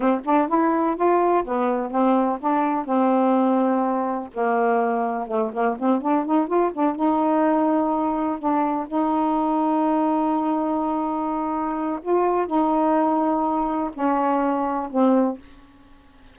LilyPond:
\new Staff \with { instrumentName = "saxophone" } { \time 4/4 \tempo 4 = 125 c'8 d'8 e'4 f'4 b4 | c'4 d'4 c'2~ | c'4 ais2 a8 ais8 | c'8 d'8 dis'8 f'8 d'8 dis'4.~ |
dis'4. d'4 dis'4.~ | dis'1~ | dis'4 f'4 dis'2~ | dis'4 cis'2 c'4 | }